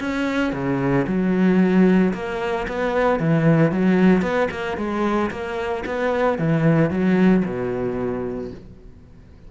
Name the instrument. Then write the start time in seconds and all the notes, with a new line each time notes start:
cello
0.00 C#4
0.53 C#3
1.07 F#3
2.14 A#3
2.68 B3
3.20 E3
3.72 F#3
4.22 B3
4.51 A#3
4.77 G#3
5.31 A#3
5.86 B3
6.39 E3
6.91 F#3
7.45 B2